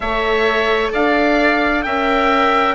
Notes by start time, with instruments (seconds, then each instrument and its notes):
0.00 bassoon A3, viola A4, oboe C#5, trumpet E5
0.92 bassoon D4, oboe D5, trumpet F5
1.82 bassoon C#4, viola A#4, oboe E5, trumpet G5